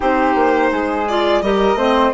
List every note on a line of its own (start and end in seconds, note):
0.00 0.35 C4
0.00 1.05 D#4
0.00 0.69 G4
0.00 1.08 C5
0.35 0.71 A#3
0.70 1.41 G#3
0.70 1.42 G#4
1.08 1.43 F4
1.08 1.42 D5
1.41 1.74 G3
1.41 1.77 G4
1.41 1.77 A#4
1.41 2.13 D#5
1.74 2.10 A3
1.74 2.13 C4
1.74 2.13 C5